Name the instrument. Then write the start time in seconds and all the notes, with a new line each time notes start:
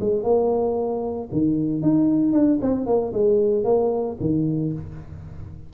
tuba
0.00 G#3
0.23 A#3
1.32 D#3
1.82 D#4
2.33 D4
2.61 C4
2.86 A#3
3.13 G#3
3.64 A#3
4.20 D#3